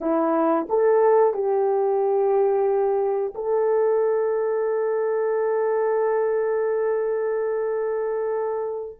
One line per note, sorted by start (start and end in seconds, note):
0.00 0.67 E4
0.69 1.33 A4
1.33 3.33 G4
3.34 8.99 A4